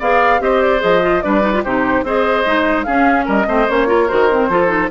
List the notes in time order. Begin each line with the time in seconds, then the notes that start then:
0.00 B3 G#4 D5 F5
0.40 C4 G4 C5 D#5
0.62 D5
0.80 F3 G#4 D#5
1.02 F4
1.22 G3 D4 B4 D5
1.42 D#4
1.53 F4
1.64 C3 D#4 G4 C5
2.04 C4 G#4 C5 D#5
2.46 G#3 D#4
2.84 C#4 G#4 F5
3.26 G3 A#4 D#5
3.47 A3 C4 C5
3.69 A#3 C#4 C#5
3.87 F4 A#4
4.09 D#3 F#4 C5
4.31 C4
4.49 F3 F4 A4
4.68 D#4